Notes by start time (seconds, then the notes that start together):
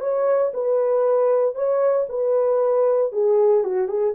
0.00 C#5
0.54 B4
1.55 C#5
2.09 B4
3.12 G#4
3.63 F#4
3.88 G#4